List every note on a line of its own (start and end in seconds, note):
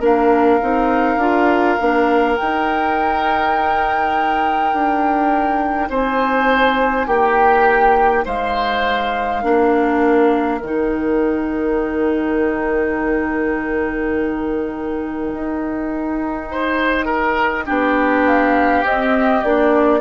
0.00 0.59 A#3
0.00 0.60 D4
0.00 5.88 A#4
0.00 2.36 F5
0.61 1.17 C4
0.61 1.19 D#4
1.17 1.76 D4
1.17 1.78 F4
1.79 2.38 A#3
1.79 2.37 D4
2.36 9.42 D#4
2.36 4.73 D#4
2.36 5.89 G5
4.73 5.89 D4
5.89 7.07 C4
5.89 7.07 C5
5.89 7.07 G#5
7.07 8.25 A#3
7.07 8.24 G4
7.07 8.25 G5
8.25 9.43 G#3
8.25 9.42 C5
8.25 10.62 F5
9.42 10.61 A#3
9.42 10.60 D4
9.42 16.48 A#4
10.62 15.33 D#3
10.62 17.67 D#4
10.62 18.25 G5
15.34 17.68 D#4
16.51 17.05 C5
17.05 17.64 A#4
17.66 18.83 B3
17.66 18.84 D4
17.66 20.00 G4
18.25 18.84 F5
18.83 19.42 C4
18.83 19.43 C4
18.83 19.44 D#5
19.44 20.00 A#3
19.44 20.00 D4
19.44 20.00 D5